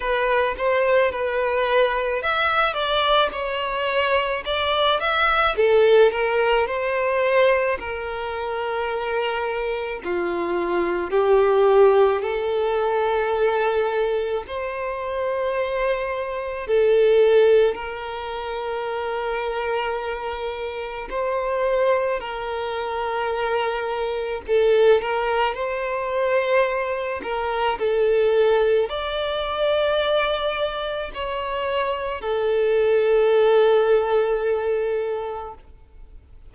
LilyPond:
\new Staff \with { instrumentName = "violin" } { \time 4/4 \tempo 4 = 54 b'8 c''8 b'4 e''8 d''8 cis''4 | d''8 e''8 a'8 ais'8 c''4 ais'4~ | ais'4 f'4 g'4 a'4~ | a'4 c''2 a'4 |
ais'2. c''4 | ais'2 a'8 ais'8 c''4~ | c''8 ais'8 a'4 d''2 | cis''4 a'2. | }